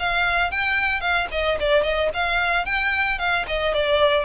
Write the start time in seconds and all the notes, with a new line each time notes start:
0.00 F5
0.51 G5
1.01 F5
1.32 D#5
1.60 D5
1.83 D#5
2.14 F5
2.66 G5
3.19 F5
3.48 D#5
3.75 D5